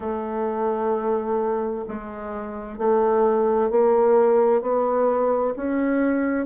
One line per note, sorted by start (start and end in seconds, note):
0.00 1.84 A3
1.88 2.77 G#3
2.77 3.70 A3
3.70 4.61 A#3
4.61 5.53 B3
5.56 6.46 C#4